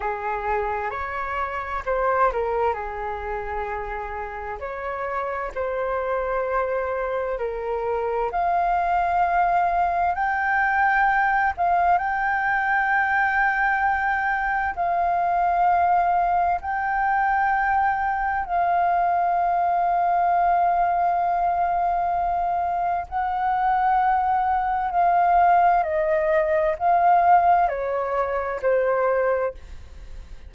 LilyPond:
\new Staff \with { instrumentName = "flute" } { \time 4/4 \tempo 4 = 65 gis'4 cis''4 c''8 ais'8 gis'4~ | gis'4 cis''4 c''2 | ais'4 f''2 g''4~ | g''8 f''8 g''2. |
f''2 g''2 | f''1~ | f''4 fis''2 f''4 | dis''4 f''4 cis''4 c''4 | }